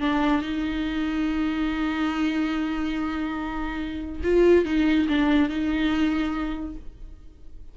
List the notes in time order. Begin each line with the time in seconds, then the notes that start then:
0.00 D4
0.41 D#4
4.23 F4
4.65 D#4
5.08 D4
5.49 D#4